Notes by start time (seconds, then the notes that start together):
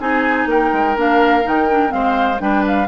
0.00 C4 D#4 G#4 G#5
0.46 A#3 A#4 G5
0.72 G#3
0.96 A#3 D4 F5
1.43 D#3 D#4 G5
1.70 D4
1.88 G#3 C4 C5 F5
2.39 G3 D4 B4 G5
2.67 F5